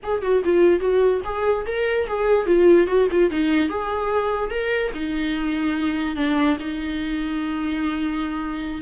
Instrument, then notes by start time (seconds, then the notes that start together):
viola
0.03 G#4
0.22 F#4
0.44 F4
0.80 F#4
1.24 G#4
1.66 A#4
2.07 G#4
2.46 F4
2.87 F#4
3.11 F4
3.30 D#4
3.69 G#4
4.50 A#4
4.94 D#4
6.16 D4
6.59 D#4